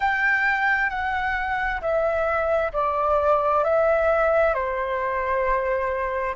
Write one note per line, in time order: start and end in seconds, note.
0.00 0.89 G5
0.89 1.80 F#5
1.81 2.71 E5
2.73 3.64 D5
3.64 4.53 E5
4.53 6.35 C5